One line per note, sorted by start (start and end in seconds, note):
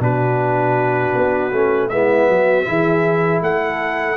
0.00 1.14 B2
0.00 1.52 D4
0.00 1.91 F#4
0.00 1.90 B4
1.16 1.53 B3
1.53 1.91 A3
1.53 1.91 C#4
1.90 2.29 G#3
1.90 2.66 B3
1.90 2.31 E4
1.90 3.41 E5
2.29 2.67 F#3
2.29 2.67 F#4
2.66 3.42 E3
2.66 4.17 E4
2.66 3.43 G#4
3.42 4.18 A3
3.42 4.18 A4
3.42 4.18 F#5